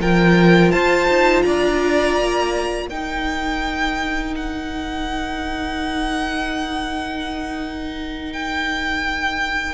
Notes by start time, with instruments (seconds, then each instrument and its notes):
0.00 cello F3, viola F4, violin A#4 G5
0.72 cello F4, violin C5 A5
1.08 cello D#4
1.42 cello D4, violin D5 A#5
2.18 cello A#3
2.89 cello D#4, viola D#4, violin A#4 G5
4.36 violin F#5
8.33 violin G5